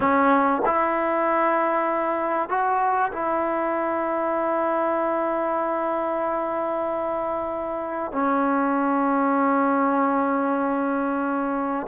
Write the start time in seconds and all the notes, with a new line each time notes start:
0.00 C#4
0.65 E4
2.49 F#4
3.12 E4
8.12 C#4